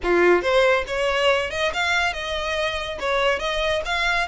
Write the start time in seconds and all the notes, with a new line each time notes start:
0.03 F4
0.41 C5
0.87 C#5
1.50 D#5
1.73 F5
2.13 D#5
2.99 C#5
3.39 D#5
3.85 F5